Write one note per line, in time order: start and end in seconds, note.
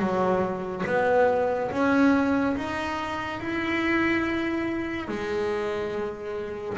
0.00 0.85 F#3
0.86 1.71 B3
1.72 2.56 C#4
2.57 3.40 D#4
3.40 5.09 E4
5.09 6.78 G#3